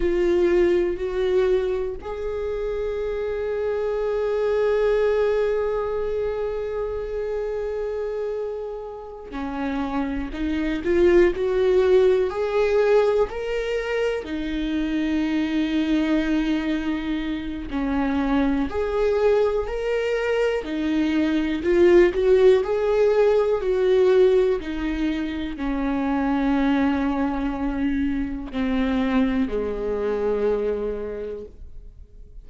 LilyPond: \new Staff \with { instrumentName = "viola" } { \time 4/4 \tempo 4 = 61 f'4 fis'4 gis'2~ | gis'1~ | gis'4. cis'4 dis'8 f'8 fis'8~ | fis'8 gis'4 ais'4 dis'4.~ |
dis'2 cis'4 gis'4 | ais'4 dis'4 f'8 fis'8 gis'4 | fis'4 dis'4 cis'2~ | cis'4 c'4 gis2 | }